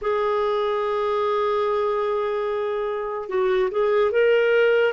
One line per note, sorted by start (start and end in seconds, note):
0.01 3.28 G#4
3.28 3.69 F#4
3.70 4.11 G#4
4.11 4.93 A#4